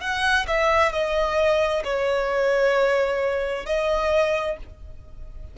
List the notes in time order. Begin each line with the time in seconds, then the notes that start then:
0.00 F#5
0.47 E5
0.92 D#5
1.84 C#5
3.66 D#5